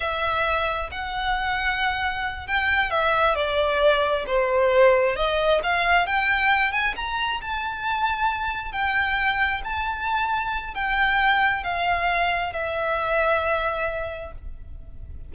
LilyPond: \new Staff \with { instrumentName = "violin" } { \time 4/4 \tempo 4 = 134 e''2 fis''2~ | fis''4. g''4 e''4 d''8~ | d''4. c''2 dis''8~ | dis''8 f''4 g''4. gis''8 ais''8~ |
ais''8 a''2. g''8~ | g''4. a''2~ a''8 | g''2 f''2 | e''1 | }